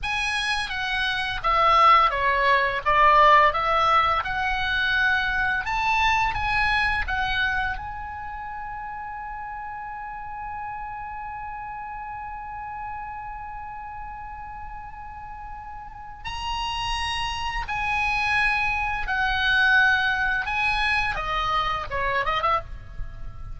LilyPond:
\new Staff \with { instrumentName = "oboe" } { \time 4/4 \tempo 4 = 85 gis''4 fis''4 e''4 cis''4 | d''4 e''4 fis''2 | a''4 gis''4 fis''4 gis''4~ | gis''1~ |
gis''1~ | gis''2. ais''4~ | ais''4 gis''2 fis''4~ | fis''4 gis''4 dis''4 cis''8 dis''16 e''16 | }